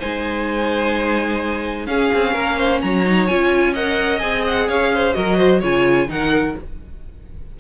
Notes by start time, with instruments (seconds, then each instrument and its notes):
0.00 cello G#3, viola D#4, violin C5 G#5
1.87 cello C#4, viola C#4, violin G#4 F5
2.14 cello C4
2.33 cello A#3, violin A#4
2.58 violin C5
2.82 cello F#3, violin C#5 A#5
3.05 viola D#4
3.27 cello C#4, viola F4, violin G#5
3.74 viola A#4, violin D#5 F#5
4.19 cello C4, viola G#4, violin G#5
4.47 violin F#5
4.68 cello C#4, violin C#5 F5
4.94 violin C5
5.14 cello F#3, viola F#4, violin A#4 D#5
5.38 violin C5
5.61 cello C#3, viola F4, violin C#5 G#5
6.09 cello D#3, viola D#4, violin A#4 F#5